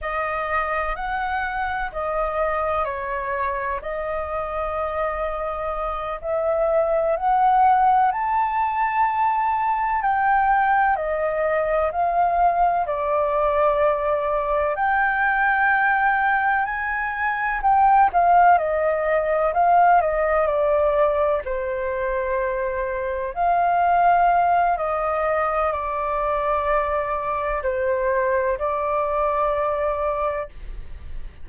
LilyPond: \new Staff \with { instrumentName = "flute" } { \time 4/4 \tempo 4 = 63 dis''4 fis''4 dis''4 cis''4 | dis''2~ dis''8 e''4 fis''8~ | fis''8 a''2 g''4 dis''8~ | dis''8 f''4 d''2 g''8~ |
g''4. gis''4 g''8 f''8 dis''8~ | dis''8 f''8 dis''8 d''4 c''4.~ | c''8 f''4. dis''4 d''4~ | d''4 c''4 d''2 | }